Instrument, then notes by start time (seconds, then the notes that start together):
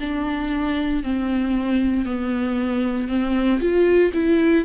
viola
0.00 D4
1.03 C4
2.05 B3
3.08 C4
3.60 F4
4.13 E4